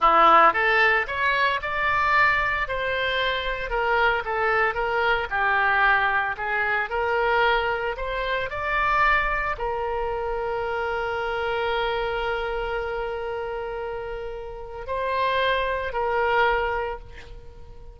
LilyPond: \new Staff \with { instrumentName = "oboe" } { \time 4/4 \tempo 4 = 113 e'4 a'4 cis''4 d''4~ | d''4 c''2 ais'4 | a'4 ais'4 g'2 | gis'4 ais'2 c''4 |
d''2 ais'2~ | ais'1~ | ais'1 | c''2 ais'2 | }